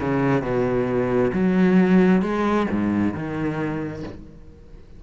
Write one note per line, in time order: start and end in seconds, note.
0.00 0.42 C#3
0.42 1.31 B2
1.33 2.22 F#3
2.22 2.67 G#3
2.70 3.13 G#2
3.13 4.03 D#3